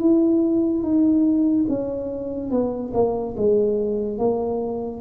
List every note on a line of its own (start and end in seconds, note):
0.00 0.83 E4
0.83 1.66 D#4
1.69 2.51 C#4
2.51 2.92 B3
2.94 3.36 A#3
3.37 4.18 G#3
4.18 5.02 A#3